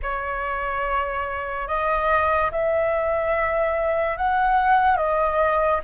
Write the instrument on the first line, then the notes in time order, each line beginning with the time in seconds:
flute
0.02 C#5
1.67 D#5
2.52 E5
4.17 F#5
4.97 D#5